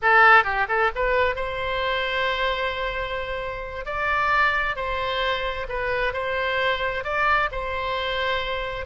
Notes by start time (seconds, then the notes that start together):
0.01 A4
0.44 G4
0.68 A4
0.95 B4
1.35 C5
3.85 D5
4.76 C5
5.69 B4
6.13 C5
7.04 D5
7.51 C5